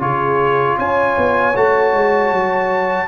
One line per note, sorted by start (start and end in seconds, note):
0.00 0.78 C#3
0.00 1.54 F4
0.00 0.78 G#4
0.00 0.78 C#5
0.78 1.17 C#4
0.78 3.08 C#5
0.78 1.56 G#5
1.17 1.56 B3
1.56 1.93 A3
1.56 3.08 F#4
1.56 3.08 A5
1.93 2.32 G#3
2.32 3.08 F#3